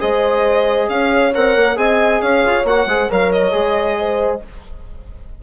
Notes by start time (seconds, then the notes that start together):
0.00 G#3 G#4 C5 D#5
0.89 C#4 C#5 F5
1.34 C4 A#4 F#5
1.56 A#3
1.76 C4 G#4 D#5 G#5
2.21 C#4 C#5 F5
2.45 F4
2.64 A#3 F#4 F#5
2.86 G#3 G#4 C5
3.10 F#3 A#4 C#5 F5
3.32 D#5
3.51 G#3 G#4
3.99 C5